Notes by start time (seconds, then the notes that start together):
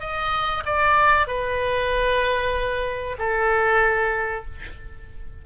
0.00 D#5
0.66 D5
1.27 B4
3.19 A4